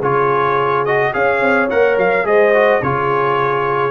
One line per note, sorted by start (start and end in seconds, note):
0.00 1.14 C#3
0.00 0.87 F4
0.00 1.12 G#4
0.00 0.86 C#5
0.86 1.13 F#4
0.86 1.14 D#5
1.13 1.41 C#4
1.13 1.69 G#4
1.13 2.27 C#5
1.13 1.70 F5
1.41 1.69 C4
1.70 1.97 A#3
1.70 2.25 A#4
1.70 1.98 F#5
1.97 2.25 F#3
1.97 2.27 F5
2.25 2.81 G#3
2.25 2.53 G#4
2.25 2.82 C5
2.25 2.83 D#5
2.54 2.82 F#4
2.82 3.91 C#3
2.82 3.91 F4
2.82 3.91 G#4
2.82 3.91 C#5